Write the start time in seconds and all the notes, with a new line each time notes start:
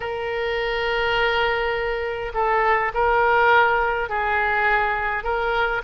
0.00 A#4
2.34 A4
2.94 A#4
4.09 G#4
5.23 A#4